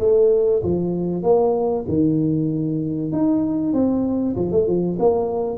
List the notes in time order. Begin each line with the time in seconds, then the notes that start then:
0.00 A3
0.63 F3
1.23 A#3
1.88 D#3
3.12 D#4
3.73 C4
4.36 F3
4.52 A3
4.67 F3
4.99 A#3